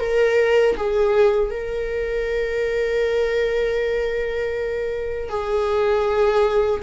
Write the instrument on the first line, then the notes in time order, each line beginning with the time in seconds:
viola
0.00 A#4
0.77 G#4
1.51 A#4
5.29 G#4